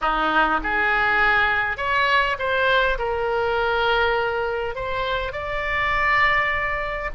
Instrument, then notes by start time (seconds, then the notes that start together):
oboe
0.01 D#4
0.63 G#4
1.77 C#5
2.38 C5
2.98 A#4
4.75 C5
5.32 D5